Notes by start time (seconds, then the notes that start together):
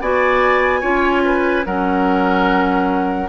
0.00 B3 F#4 D5 G#5
0.80 C#4 F4 C#5
1.24 B4
1.65 F#3 C#4 A#4 F#5